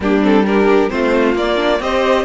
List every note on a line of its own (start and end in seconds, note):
0.00 0.90 G3
0.00 0.21 A#3
0.00 0.46 D4
0.00 0.23 G4
0.21 0.44 C4
0.21 0.46 A4
0.45 0.89 D4
0.45 0.92 G4
0.45 0.89 A#4
0.89 1.34 A3
0.89 1.35 C4
0.89 1.82 F4
0.89 1.34 C5
1.34 1.80 A#3
1.34 1.55 A#3
1.34 1.81 D5
1.55 1.78 D4
1.80 2.24 C4
1.80 2.24 G4
1.80 2.24 C5
1.80 2.24 D#5